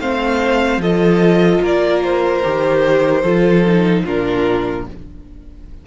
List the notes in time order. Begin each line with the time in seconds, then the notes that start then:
0.00 A3 C4 C5 F5
0.78 F3 F4 A4 D#5
1.62 A#3 A#4 D5
2.04 C5
2.43 D#3 G4
3.22 F3 F4 A4
3.67 D#4
4.05 A#2 D4 F4 A#4